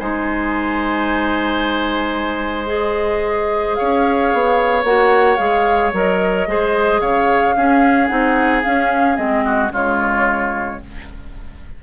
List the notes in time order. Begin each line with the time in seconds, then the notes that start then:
0.00 G#3 D#4 C5 G#5
2.67 G#4 D#5
3.75 C#4 C#5 F5
4.34 B3
4.84 A#3 F#4 F#5
5.37 G#3 G#4 F5
5.93 F#3 A#4 D#5
6.47 G#3 G#4 C5
7.01 C#3 C#5 F5
7.56 C#4 G#4
8.08 C4 D#4 F#5
8.63 C#4 F5
9.16 G#3 C4 D#5
9.45 F#4
9.71 C#3 G#3 F4 C#5